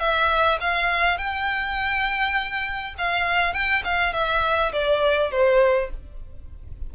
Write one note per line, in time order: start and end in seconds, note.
0.00 0.59 E5
0.61 1.18 F5
1.18 2.95 G5
2.98 3.54 F5
3.54 3.83 G5
3.85 4.13 F5
4.13 4.72 E5
4.73 5.32 D5
5.32 5.90 C5